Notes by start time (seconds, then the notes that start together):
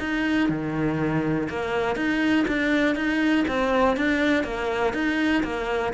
0.00 D#4
0.49 D#3
1.50 A#3
1.96 D#4
2.48 D4
2.96 D#4
3.48 C4
3.97 D4
4.44 A#3
4.94 D#4
5.44 A#3